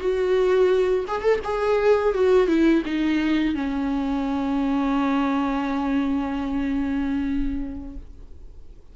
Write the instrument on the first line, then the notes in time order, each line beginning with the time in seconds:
viola
0.00 F#4
1.08 G#4
1.22 A4
1.45 G#4
2.14 F#4
2.48 E4
2.86 D#4
3.55 C#4